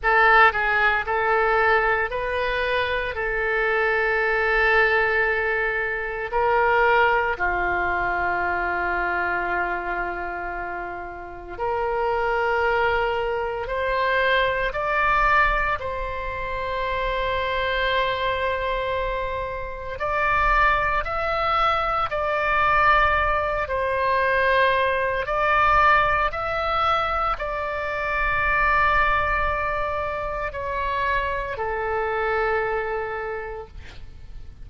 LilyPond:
\new Staff \with { instrumentName = "oboe" } { \time 4/4 \tempo 4 = 57 a'8 gis'8 a'4 b'4 a'4~ | a'2 ais'4 f'4~ | f'2. ais'4~ | ais'4 c''4 d''4 c''4~ |
c''2. d''4 | e''4 d''4. c''4. | d''4 e''4 d''2~ | d''4 cis''4 a'2 | }